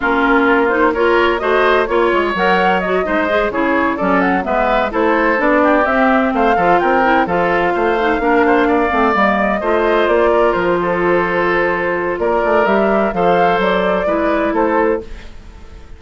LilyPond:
<<
  \new Staff \with { instrumentName = "flute" } { \time 4/4 \tempo 4 = 128 ais'4. c''8 cis''4 dis''4 | cis''4 fis''4 dis''4. cis''8~ | cis''8 d''8 fis''8 e''4 c''4 d''8~ | d''8 e''4 f''4 g''4 f''8~ |
f''2.~ f''8 dis''8~ | dis''4. d''4 c''4.~ | c''2 d''4 e''4 | f''4 d''2 c''4 | }
  \new Staff \with { instrumentName = "oboe" } { \time 4/4 f'2 ais'4 c''4 | cis''2~ cis''8 c''4 gis'8~ | gis'8 a'4 b'4 a'4. | g'4. c''8 a'8 ais'4 a'8~ |
a'8 c''4 ais'8 c''8 d''4.~ | d''8 c''4. ais'4 a'4~ | a'2 ais'2 | c''2 b'4 a'4 | }
  \new Staff \with { instrumentName = "clarinet" } { \time 4/4 cis'4. dis'8 f'4 fis'4 | f'4 ais'4 fis'8 dis'8 gis'8 e'8~ | e'8 cis'4 b4 e'4 d'8~ | d'8 c'4. f'4 e'8 f'8~ |
f'4 dis'8 d'4. c'8 ais8~ | ais8 f'2.~ f'8~ | f'2. g'4 | a'2 e'2 | }
  \new Staff \with { instrumentName = "bassoon" } { \time 4/4 ais2. a4 | ais8 gis8 fis4. gis4 cis8~ | cis8 fis4 gis4 a4 b8~ | b8 c'4 a8 f8 c'4 f8~ |
f8 a4 ais4. a8 g8~ | g8 a4 ais4 f4.~ | f2 ais8 a8 g4 | f4 fis4 gis4 a4 | }
>>